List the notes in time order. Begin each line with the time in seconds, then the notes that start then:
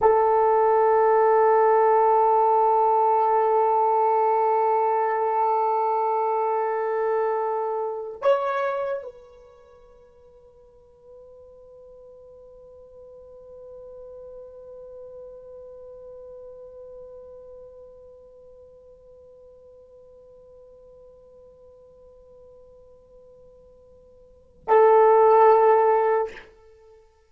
0.01 A4
8.21 C#5
9.03 B4
24.67 A4